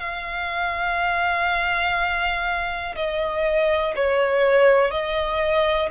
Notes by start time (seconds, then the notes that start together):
0.00 F5
2.96 D#5
3.96 C#5
4.91 D#5